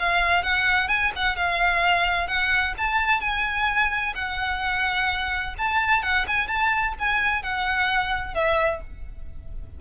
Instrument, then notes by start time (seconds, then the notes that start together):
violin
0.00 F5
0.43 F#5
0.89 G#5
1.16 F#5
1.37 F5
2.28 F#5
2.78 A5
3.21 G#5
4.15 F#5
5.59 A5
6.03 F#5
6.28 G#5
6.48 A5
6.99 G#5
7.43 F#5
8.35 E5